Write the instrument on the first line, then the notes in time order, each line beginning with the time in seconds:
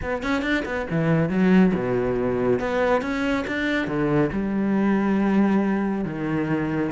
cello
0.02 B3
0.22 C#4
0.41 D4
0.65 B3
0.90 E3
1.29 F#3
1.74 B2
2.59 B3
3.01 C#4
3.47 D4
3.87 D3
4.32 G3
6.05 D#3